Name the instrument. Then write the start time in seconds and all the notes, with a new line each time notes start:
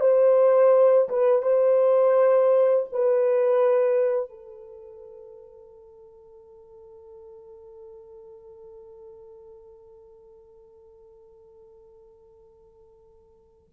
horn
0.00 C5
1.09 B4
1.42 C5
2.92 B4
4.29 A4